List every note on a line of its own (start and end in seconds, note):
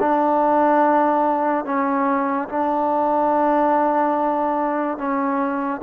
0.00 1.65 D4
1.65 2.48 C#4
2.48 4.98 D4
4.98 5.81 C#4